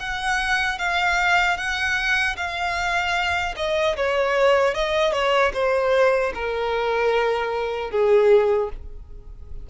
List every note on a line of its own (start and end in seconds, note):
0.00 0.79 F#5
0.79 1.58 F5
1.58 2.36 F#5
2.37 3.55 F5
3.57 3.96 D#5
3.97 4.75 C#5
4.75 5.13 D#5
5.13 5.52 C#5
5.54 6.33 C5
6.35 7.91 A#4
7.91 8.70 G#4